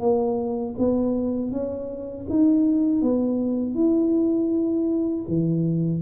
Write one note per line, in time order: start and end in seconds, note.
0.00 0.75 A#3
0.78 1.51 B3
1.51 2.26 C#4
2.29 3.02 D#4
3.02 3.75 B3
3.75 5.25 E4
5.28 6.02 E3